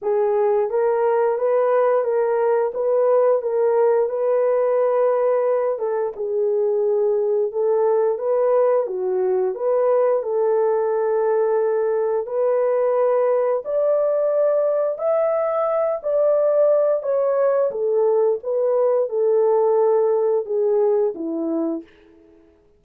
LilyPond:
\new Staff \with { instrumentName = "horn" } { \time 4/4 \tempo 4 = 88 gis'4 ais'4 b'4 ais'4 | b'4 ais'4 b'2~ | b'8 a'8 gis'2 a'4 | b'4 fis'4 b'4 a'4~ |
a'2 b'2 | d''2 e''4. d''8~ | d''4 cis''4 a'4 b'4 | a'2 gis'4 e'4 | }